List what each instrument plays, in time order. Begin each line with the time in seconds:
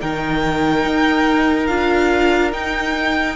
0.00 cello D#3, viola D#4, violin A#4 G5
0.84 cello D#4
1.66 cello D4, viola F4, violin F5
2.52 viola D#4, cello D#4, violin G5